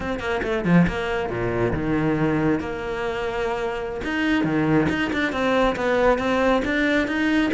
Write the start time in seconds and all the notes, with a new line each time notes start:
0.00 C4
0.19 A#3
0.42 A3
0.65 F3
0.87 A#3
1.29 A#2
1.73 D#3
2.60 A#3
4.04 D#4
4.43 D#3
4.89 D#4
5.12 D4
5.32 C4
5.75 B3
6.18 C4
6.64 D4
7.07 D#4